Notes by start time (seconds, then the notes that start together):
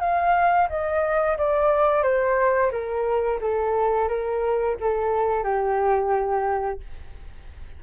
0.00 F5
0.69 D#5
1.37 D5
2.03 C5
2.71 A#4
3.41 A4
4.08 A#4
4.80 A4
5.44 G4